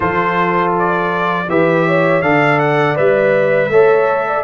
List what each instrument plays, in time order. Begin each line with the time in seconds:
0.00 tuba F3, trombone F4, horn A4, trumpet C5
0.78 trumpet D5
1.48 tuba E3, trombone G4, horn B4, trumpet E5
1.86 horn C#5
2.22 tuba D3, trombone A4, horn D5, trumpet F5
2.59 trumpet F#5
2.95 tuba G3, trombone B4, trumpet E5
3.67 tuba A3, trombone A4, horn C#5
4.27 horn D5